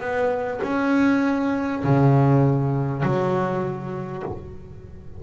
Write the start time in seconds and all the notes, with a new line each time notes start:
0.00 B3
0.63 C#4
1.84 C#3
3.03 F#3